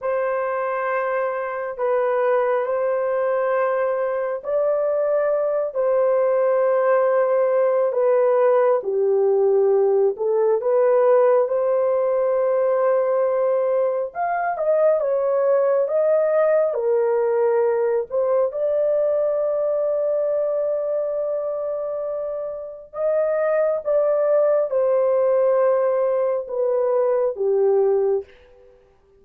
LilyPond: \new Staff \with { instrumentName = "horn" } { \time 4/4 \tempo 4 = 68 c''2 b'4 c''4~ | c''4 d''4. c''4.~ | c''4 b'4 g'4. a'8 | b'4 c''2. |
f''8 dis''8 cis''4 dis''4 ais'4~ | ais'8 c''8 d''2.~ | d''2 dis''4 d''4 | c''2 b'4 g'4 | }